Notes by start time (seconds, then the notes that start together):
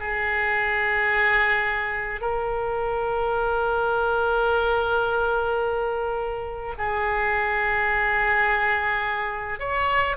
0.00 G#4
2.21 A#4
6.78 G#4
9.60 C#5